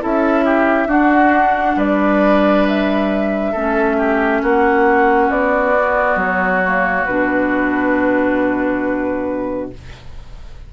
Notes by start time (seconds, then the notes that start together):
0.00 C#4 E4 A4 E5
0.45 G4
0.87 D4 F#4 F#5
1.76 G3 B4 D5
2.68 E5
3.52 A3 C#4 A4
3.98 G4
4.42 A#3 F#4 F#5
5.30 B3 D5
5.76 B3
6.16 F#3 C#5
6.64 A#3
7.06 B2 D4 B4